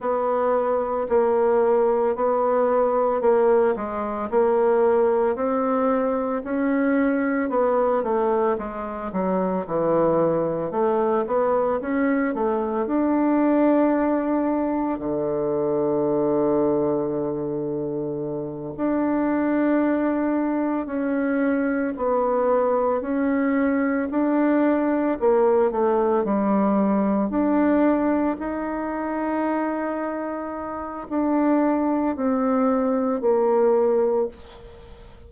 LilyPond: \new Staff \with { instrumentName = "bassoon" } { \time 4/4 \tempo 4 = 56 b4 ais4 b4 ais8 gis8 | ais4 c'4 cis'4 b8 a8 | gis8 fis8 e4 a8 b8 cis'8 a8 | d'2 d2~ |
d4. d'2 cis'8~ | cis'8 b4 cis'4 d'4 ais8 | a8 g4 d'4 dis'4.~ | dis'4 d'4 c'4 ais4 | }